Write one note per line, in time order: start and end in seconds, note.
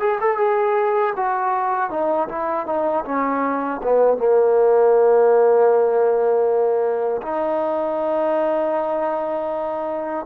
0.00 0.19 G#4
0.21 0.38 A4
0.38 1.14 G#4
1.17 1.91 F#4
1.91 2.29 D#4
2.29 2.67 E4
2.67 3.05 D#4
3.06 3.81 C#4
3.83 4.18 B3
4.18 7.22 A#3
7.23 10.26 D#4